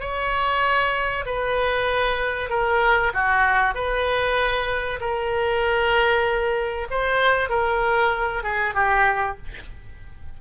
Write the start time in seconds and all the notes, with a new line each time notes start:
0.00 C#5
1.26 B4
2.50 A#4
3.14 F#4
3.74 B4
5.00 A#4
6.90 C5
7.49 A#4
8.43 G#4
8.74 G4